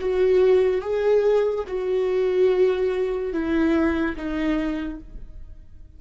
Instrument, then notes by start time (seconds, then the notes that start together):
viola
0.00 F#4
0.81 G#4
1.67 F#4
3.33 E4
4.16 D#4